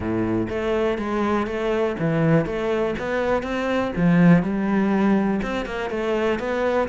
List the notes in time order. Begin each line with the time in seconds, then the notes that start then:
0.00 A2
0.49 A3
0.98 G#3
1.46 A3
1.99 E3
2.45 A3
2.98 B3
3.42 C4
3.96 F3
4.42 G3
5.42 C4
5.65 A#3
5.90 A3
6.39 B3